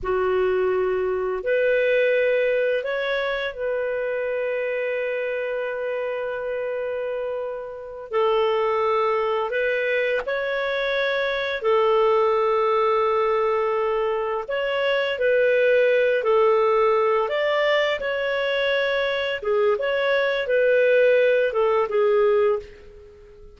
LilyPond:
\new Staff \with { instrumentName = "clarinet" } { \time 4/4 \tempo 4 = 85 fis'2 b'2 | cis''4 b'2.~ | b'2.~ b'8 a'8~ | a'4. b'4 cis''4.~ |
cis''8 a'2.~ a'8~ | a'8 cis''4 b'4. a'4~ | a'8 d''4 cis''2 gis'8 | cis''4 b'4. a'8 gis'4 | }